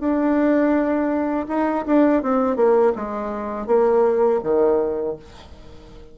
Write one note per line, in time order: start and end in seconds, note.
0.00 1.46 D4
1.48 1.85 D#4
1.86 2.23 D4
2.23 2.56 C4
2.56 2.93 A#3
2.95 3.67 G#3
3.67 4.40 A#3
4.43 5.17 D#3